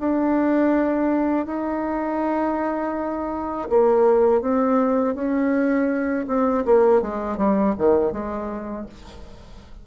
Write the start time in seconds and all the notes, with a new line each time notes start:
0.00 D4
1.46 D#4
3.70 A#3
4.42 C4
5.15 C#4
6.28 C4
6.66 A#3
7.02 G#3
7.38 G3
7.78 D#3
8.12 G#3